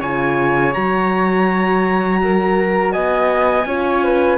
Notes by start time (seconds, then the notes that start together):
0.00 C#3 F4 C#5 G#5
0.73 F#3 F#4 A#5
2.24 A#4
2.92 B3 D#5 G#5
3.65 C#4 F4 C#5
4.04 B4